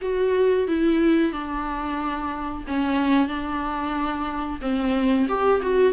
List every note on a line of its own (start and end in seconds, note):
0.01 0.67 F#4
0.67 1.32 E4
1.32 2.64 D4
2.67 3.28 C#4
3.28 4.59 D4
4.61 5.27 C4
5.28 5.61 G4
5.61 5.93 F#4